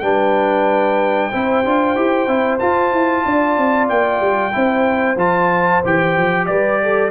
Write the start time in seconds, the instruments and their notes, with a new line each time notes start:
0.00 tuba G3, trombone D4, horn B4, trumpet G5
1.31 tuba C4, trombone E4, horn C5
1.65 tuba D4, trombone F4
1.96 tuba E4, trombone G4
2.28 tuba C4, trombone E4
2.59 trombone F4, tuba F4, trumpet A5
2.93 tuba E4
3.26 tuba D4, horn D5
3.58 tuba C4
3.89 tuba A#3, trumpet G5
4.21 tuba G3
4.52 tuba C4, trombone E4, horn C5
5.16 tuba F3, trombone F4, trumpet A5
5.85 tuba E3, trombone G4, trumpet G5
6.18 tuba F3
6.47 tuba G3, horn B4, trumpet D5
6.83 horn A4